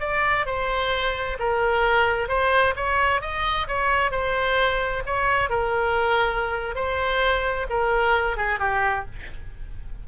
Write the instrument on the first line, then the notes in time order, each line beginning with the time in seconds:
oboe
0.00 D5
0.46 C5
1.39 A#4
2.28 C5
2.76 C#5
3.21 D#5
3.68 C#5
4.11 C5
5.06 C#5
5.50 A#4
6.75 C5
7.69 A#4
8.37 G#4
8.59 G4